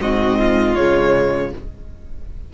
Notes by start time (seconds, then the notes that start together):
0.00 G#2 C4 F#4 D#5
0.38 F4
0.75 C#3 G#3 C#5